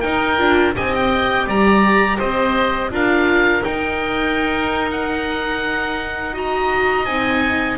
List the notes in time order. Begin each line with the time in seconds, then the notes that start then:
0.00 D#4 A#4 G5
0.38 D4 F4
0.75 C4 G4 D#5 G#5
0.94 G5
1.46 G3 D5 A#5
2.17 C4 C5 D#5
2.91 D4 F4 A#4 F5
3.62 D#4 G5
4.91 F#5
6.33 F#4 D#5 A#5
7.05 C4 D#4 G#5